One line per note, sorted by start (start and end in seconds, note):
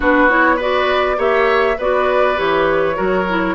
0.00 1.17 B3
0.00 0.29 D4
0.00 0.56 F#4
0.00 0.29 B4
0.29 0.58 E4
0.29 0.59 C#5
0.56 1.16 F#4
0.56 1.16 B4
0.56 1.20 D5
1.16 1.77 A#3
1.16 1.76 G4
1.16 1.77 C#5
1.16 1.79 E5
1.77 2.37 B3
1.77 2.36 F#4
1.77 2.96 B4
1.77 2.38 D5
2.36 2.98 E3
2.36 2.94 G4
2.36 3.55 C#5
2.94 3.55 F#3
2.94 3.24 F#4
2.94 3.55 A#4
3.29 3.55 E4